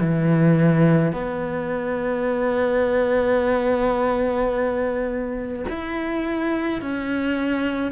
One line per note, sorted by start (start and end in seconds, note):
0.00 1.13 E3
1.13 5.66 B3
5.69 6.82 E4
6.82 7.92 C#4